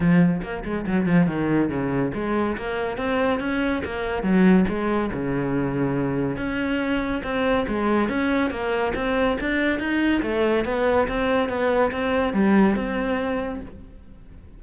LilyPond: \new Staff \with { instrumentName = "cello" } { \time 4/4 \tempo 4 = 141 f4 ais8 gis8 fis8 f8 dis4 | cis4 gis4 ais4 c'4 | cis'4 ais4 fis4 gis4 | cis2. cis'4~ |
cis'4 c'4 gis4 cis'4 | ais4 c'4 d'4 dis'4 | a4 b4 c'4 b4 | c'4 g4 c'2 | }